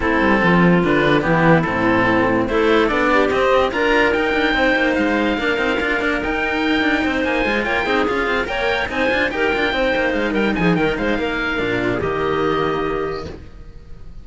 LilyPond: <<
  \new Staff \with { instrumentName = "oboe" } { \time 4/4 \tempo 4 = 145 a'2 b'4 g'4 | a'2 c''4 d''4 | dis''4 ais''4 g''2 | f''2. g''4~ |
g''4. gis''4 g''4 f''8~ | f''8 g''4 gis''4 g''4.~ | g''8 f''8 g''8 gis''8 g''8 f''4.~ | f''4 dis''2. | }
  \new Staff \with { instrumentName = "clarinet" } { \time 4/4 e'4 f'2 e'4~ | e'2 a'4. g'8~ | g'4 ais'2 c''4~ | c''4 ais'2.~ |
ais'4 c''4. cis''8 gis'4~ | gis'8 cis''4 c''4 ais'4 c''8~ | c''4 ais'8 gis'8 ais'8 c''8 ais'4~ | ais'8 f'16 gis'16 g'2. | }
  \new Staff \with { instrumentName = "cello" } { \time 4/4 c'2 d'4 b4 | c'2 e'4 d'4 | c'4 f'4 dis'2~ | dis'4 d'8 dis'8 f'8 d'8 dis'4~ |
dis'2 f'4 dis'8 f'8~ | f'8 ais'4 dis'8 f'8 g'8 f'8 dis'8~ | dis'1 | d'4 ais2. | }
  \new Staff \with { instrumentName = "cello" } { \time 4/4 a8 g8 f4 d4 e4 | a,2 a4 b4 | c'4 d'4 dis'8 d'8 c'8 ais8 | gis4 ais8 c'8 d'8 ais8 dis'4~ |
dis'8 d'8 c'8 ais8 gis8 ais8 c'8 cis'8 | c'8 ais4 c'8 d'8 dis'8 d'8 c'8 | ais8 gis8 g8 f8 dis8 gis8 ais4 | ais,4 dis2. | }
>>